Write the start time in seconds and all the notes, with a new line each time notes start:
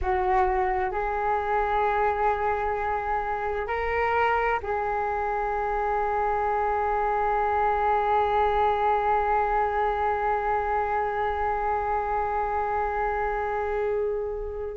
0.01 F#4
0.91 G#4
3.67 A#4
4.62 G#4